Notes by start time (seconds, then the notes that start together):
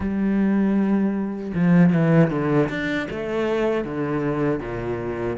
0.00 G3
1.54 F3
1.92 E3
2.30 D3
2.69 D4
3.10 A3
3.84 D3
4.60 A#2